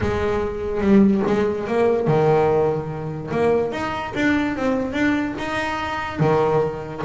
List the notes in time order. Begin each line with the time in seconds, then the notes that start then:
0.00 G#3
0.81 G3
1.26 G#3
1.67 A#3
2.07 D#3
3.31 A#3
3.71 D#4
4.15 D4
4.56 C4
4.92 D4
5.38 D#4
6.19 D#3